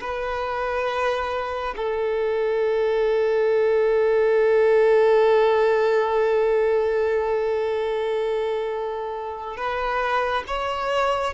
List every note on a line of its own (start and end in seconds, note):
0.00 1.74 B4
1.76 9.57 A4
9.57 10.43 B4
10.47 11.34 C#5